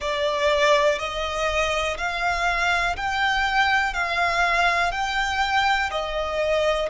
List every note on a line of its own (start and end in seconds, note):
0.00 0.98 D5
0.98 1.97 D#5
1.97 2.96 F5
2.96 3.93 G5
3.93 4.91 F5
4.91 5.90 G5
5.90 6.89 D#5